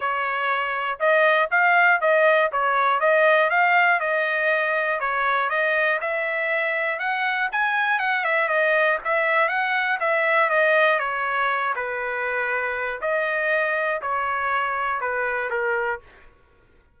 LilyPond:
\new Staff \with { instrumentName = "trumpet" } { \time 4/4 \tempo 4 = 120 cis''2 dis''4 f''4 | dis''4 cis''4 dis''4 f''4 | dis''2 cis''4 dis''4 | e''2 fis''4 gis''4 |
fis''8 e''8 dis''4 e''4 fis''4 | e''4 dis''4 cis''4. b'8~ | b'2 dis''2 | cis''2 b'4 ais'4 | }